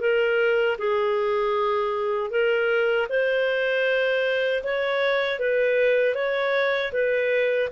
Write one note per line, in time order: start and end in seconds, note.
0.00 0.77 A#4
0.78 2.30 G#4
2.30 3.07 A#4
3.09 4.63 C5
4.63 5.39 C#5
5.39 6.15 B4
6.15 6.92 C#5
6.92 7.69 B4